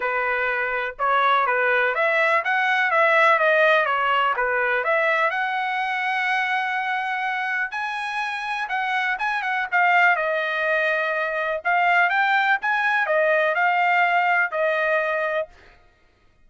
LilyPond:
\new Staff \with { instrumentName = "trumpet" } { \time 4/4 \tempo 4 = 124 b'2 cis''4 b'4 | e''4 fis''4 e''4 dis''4 | cis''4 b'4 e''4 fis''4~ | fis''1 |
gis''2 fis''4 gis''8 fis''8 | f''4 dis''2. | f''4 g''4 gis''4 dis''4 | f''2 dis''2 | }